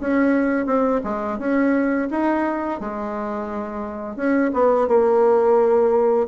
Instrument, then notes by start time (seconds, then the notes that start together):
bassoon
0.00 C#4
0.66 C4
1.04 G#3
1.39 C#4
2.11 D#4
2.80 G#3
4.16 C#4
4.53 B3
4.88 A#3